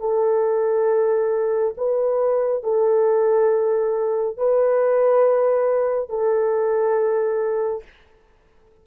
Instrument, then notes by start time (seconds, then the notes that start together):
horn
0.00 A4
1.77 B4
2.63 A4
4.37 B4
6.09 A4